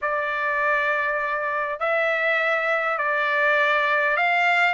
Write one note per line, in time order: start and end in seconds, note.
0.01 1.79 D5
1.79 2.98 E5
2.98 4.16 D5
4.16 4.74 F5